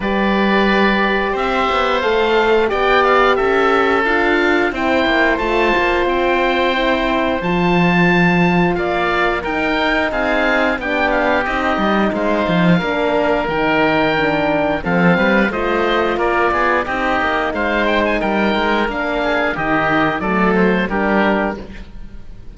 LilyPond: <<
  \new Staff \with { instrumentName = "oboe" } { \time 4/4 \tempo 4 = 89 d''2 e''4 f''4 | g''8 f''8 e''4 f''4 g''4 | a''4 g''2 a''4~ | a''4 f''4 g''4 f''4 |
g''8 f''8 dis''4 f''2 | g''2 f''4 dis''4 | d''4 dis''4 f''8 g''16 gis''16 g''4 | f''4 dis''4 d''8 c''8 ais'4 | }
  \new Staff \with { instrumentName = "oboe" } { \time 4/4 b'2 c''2 | d''4 a'2 c''4~ | c''1~ | c''4 d''4 ais'4 gis'4 |
g'2 c''4 ais'4~ | ais'2 a'8 b'8 c''4 | ais'8 gis'8 g'4 c''4 ais'4~ | ais'8 gis'8 g'4 a'4 g'4 | }
  \new Staff \with { instrumentName = "horn" } { \time 4/4 g'2. a'4 | g'2 f'4 e'4 | f'2 e'4 f'4~ | f'2 dis'2 |
d'4 dis'2 d'4 | dis'4 d'4 c'4 f'4~ | f'4 dis'2. | d'4 dis'4 a4 d'4 | }
  \new Staff \with { instrumentName = "cello" } { \time 4/4 g2 c'8 b8 a4 | b4 cis'4 d'4 c'8 ais8 | a8 ais8 c'2 f4~ | f4 ais4 dis'4 c'4 |
b4 c'8 g8 gis8 f8 ais4 | dis2 f8 g8 a4 | ais8 b8 c'8 ais8 gis4 g8 gis8 | ais4 dis4 fis4 g4 | }
>>